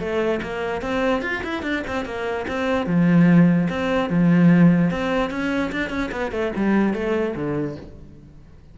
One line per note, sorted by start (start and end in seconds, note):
0.00 0.41 A3
0.43 0.82 A#3
0.82 1.22 C4
1.22 1.43 F4
1.44 1.63 E4
1.63 1.83 D4
1.88 2.06 C4
2.06 2.47 A#3
2.48 2.87 C4
2.87 3.68 F3
3.70 4.10 C4
4.10 4.91 F3
4.91 5.31 C4
5.31 5.72 C#4
5.72 5.90 D4
5.90 6.11 C#4
6.12 6.32 B3
6.32 6.52 A3
6.57 6.94 G3
6.94 7.35 A3
7.36 7.77 D3